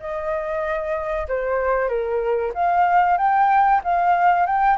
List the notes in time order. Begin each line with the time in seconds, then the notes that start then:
0.00 D#5
1.29 C5
1.89 A#4
2.54 F5
3.18 G5
3.84 F5
4.46 G5